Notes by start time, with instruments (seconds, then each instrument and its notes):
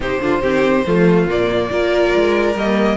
0.00 cello C3, viola D#4, violin G4 C5
0.20 cello D3, viola D4, violin F4
0.41 cello D#3, viola C4, violin G4
0.86 cello F3, viola A3, violin F4
1.26 cello A#2, viola A#3, violin D5
1.70 cello A#3, viola F4, violin A#4
2.15 cello G#3
2.54 cello G3, viola A#3, violin D#5